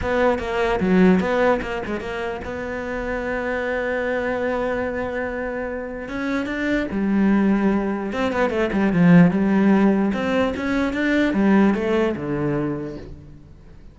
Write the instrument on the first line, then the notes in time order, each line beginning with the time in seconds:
cello
0.01 B3
0.39 A#3
0.79 F#3
1.20 B3
1.61 A#3
1.85 G#3
2.00 A#3
2.44 B3
6.08 C#4
6.46 D4
6.91 G3
8.12 C4
8.32 B3
8.50 A3
8.72 G3
8.92 F3
9.30 G3
10.13 C4
10.56 C#4
10.93 D4
11.33 G3
11.74 A3
12.16 D3